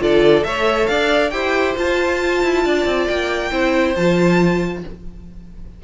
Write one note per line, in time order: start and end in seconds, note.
0.00 0.44 D3
0.00 0.44 F4
0.00 0.47 A4
0.00 0.44 D5
0.44 0.89 A3
0.44 1.31 A4
0.44 0.90 C#5
0.44 0.87 E5
0.87 1.32 D4
0.87 1.33 D5
0.87 1.30 F5
1.30 1.76 E4
1.30 1.76 G4
1.30 2.64 C5
1.30 1.74 G5
1.76 3.51 F4
1.76 2.44 F4
1.76 3.08 A5
2.44 2.65 E4
2.65 2.86 D4
2.65 3.51 D5
2.86 3.07 C4
3.08 3.52 A#3
3.08 3.95 G5
3.51 3.95 C4
3.51 3.95 E4
3.51 4.82 C5
3.96 4.84 F3
3.96 4.84 F4
3.96 4.84 A5